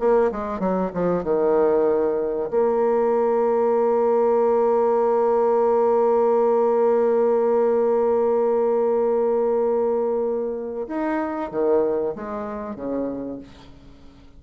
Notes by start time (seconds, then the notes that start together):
0.00 A#3
0.32 G#3
0.60 F#3
0.94 F3
1.24 D#3
2.51 A#3
10.88 D#4
11.51 D#3
12.16 G#3
12.76 C#3